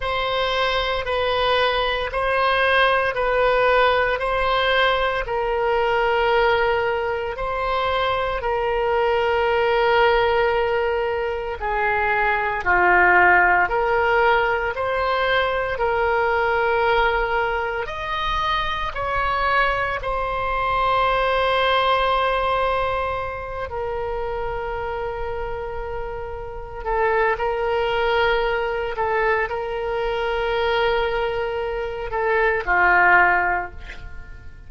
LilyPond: \new Staff \with { instrumentName = "oboe" } { \time 4/4 \tempo 4 = 57 c''4 b'4 c''4 b'4 | c''4 ais'2 c''4 | ais'2. gis'4 | f'4 ais'4 c''4 ais'4~ |
ais'4 dis''4 cis''4 c''4~ | c''2~ c''8 ais'4.~ | ais'4. a'8 ais'4. a'8 | ais'2~ ais'8 a'8 f'4 | }